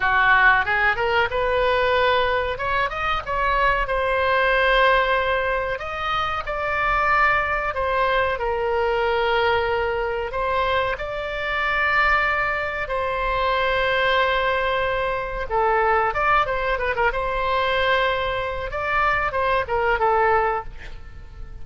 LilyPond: \new Staff \with { instrumentName = "oboe" } { \time 4/4 \tempo 4 = 93 fis'4 gis'8 ais'8 b'2 | cis''8 dis''8 cis''4 c''2~ | c''4 dis''4 d''2 | c''4 ais'2. |
c''4 d''2. | c''1 | a'4 d''8 c''8 b'16 ais'16 c''4.~ | c''4 d''4 c''8 ais'8 a'4 | }